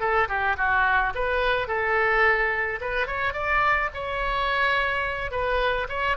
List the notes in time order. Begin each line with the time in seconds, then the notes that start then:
0.00 A4
0.29 G4
0.57 F#4
1.15 B4
1.68 A4
2.81 B4
3.07 C#5
3.33 D5
3.94 C#5
5.31 B4
5.89 C#5